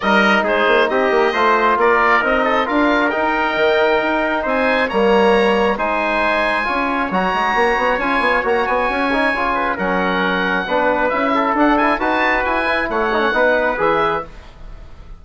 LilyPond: <<
  \new Staff \with { instrumentName = "oboe" } { \time 4/4 \tempo 4 = 135 dis''4 c''4 dis''2 | d''4 dis''4 f''4 g''4~ | g''2 gis''4 ais''4~ | ais''4 gis''2. |
ais''2 gis''4 ais''8 gis''8~ | gis''2 fis''2~ | fis''4 e''4 fis''8 gis''8 a''4 | gis''4 fis''2 e''4 | }
  \new Staff \with { instrumentName = "trumpet" } { \time 4/4 ais'4 gis'4 g'4 c''4 | ais'4. a'8 ais'2~ | ais'2 c''4 cis''4~ | cis''4 c''2 cis''4~ |
cis''1~ | cis''4. b'8 ais'2 | b'4. a'4. b'4~ | b'4 cis''4 b'2 | }
  \new Staff \with { instrumentName = "trombone" } { \time 4/4 dis'2. f'4~ | f'4 dis'4 f'4 dis'4~ | dis'2. ais4~ | ais4 dis'2 f'4 |
fis'2 f'4 fis'4~ | fis'8 dis'8 f'4 cis'2 | d'4 e'4 d'8 e'8 fis'4~ | fis'8 e'4 dis'16 cis'16 dis'4 gis'4 | }
  \new Staff \with { instrumentName = "bassoon" } { \time 4/4 g4 gis8 ais8 c'8 ais8 a4 | ais4 c'4 d'4 dis'4 | dis4 dis'4 c'4 g4~ | g4 gis2 cis'4 |
fis8 gis8 ais8 b8 cis'8 b8 ais8 b8 | cis'4 cis4 fis2 | b4 cis'4 d'4 dis'4 | e'4 a4 b4 e4 | }
>>